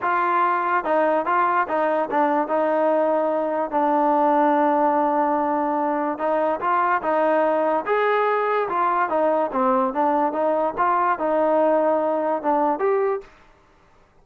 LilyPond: \new Staff \with { instrumentName = "trombone" } { \time 4/4 \tempo 4 = 145 f'2 dis'4 f'4 | dis'4 d'4 dis'2~ | dis'4 d'2.~ | d'2. dis'4 |
f'4 dis'2 gis'4~ | gis'4 f'4 dis'4 c'4 | d'4 dis'4 f'4 dis'4~ | dis'2 d'4 g'4 | }